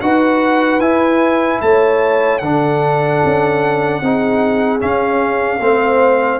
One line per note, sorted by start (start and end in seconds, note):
0.00 0.80 D#4
0.00 0.81 F#4
0.00 1.63 B4
0.00 0.80 F#5
0.80 1.60 E4
0.80 2.41 E4
0.80 1.60 G#5
1.61 2.41 A3
1.61 2.42 C#5
1.61 2.39 A5
2.39 3.21 D3
2.39 4.03 D4
2.39 4.02 A4
2.39 4.79 F#5
3.25 4.01 C#4
4.01 4.81 C4
4.01 4.80 D#4
4.01 5.63 G#4
4.80 5.60 C#4
4.80 5.59 C#4
4.80 6.40 F5
5.59 6.39 A3
5.59 6.40 C4
5.59 6.40 C5